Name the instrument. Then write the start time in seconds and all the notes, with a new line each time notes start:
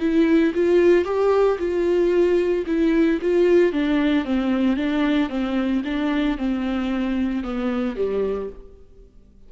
viola
0.00 E4
0.55 F4
1.05 G4
1.59 F4
2.67 E4
3.22 F4
3.73 D4
4.25 C4
4.77 D4
5.30 C4
5.85 D4
6.38 C4
7.44 B3
7.96 G3